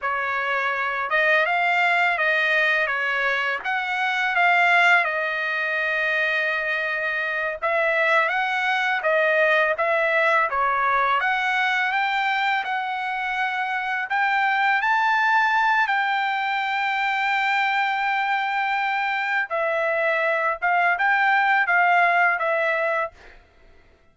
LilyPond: \new Staff \with { instrumentName = "trumpet" } { \time 4/4 \tempo 4 = 83 cis''4. dis''8 f''4 dis''4 | cis''4 fis''4 f''4 dis''4~ | dis''2~ dis''8 e''4 fis''8~ | fis''8 dis''4 e''4 cis''4 fis''8~ |
fis''8 g''4 fis''2 g''8~ | g''8 a''4. g''2~ | g''2. e''4~ | e''8 f''8 g''4 f''4 e''4 | }